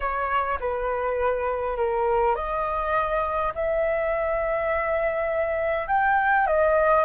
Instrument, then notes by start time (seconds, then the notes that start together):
flute
0.00 C#5
0.60 B4
1.76 A#4
2.35 D#5
3.54 E5
5.87 G5
6.46 D#5